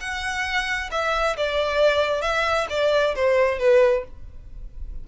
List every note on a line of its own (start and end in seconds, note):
0.00 0.90 F#5
0.91 1.36 E5
1.37 2.21 D5
2.21 2.67 E5
2.70 3.15 D5
3.15 3.59 C5
3.59 4.04 B4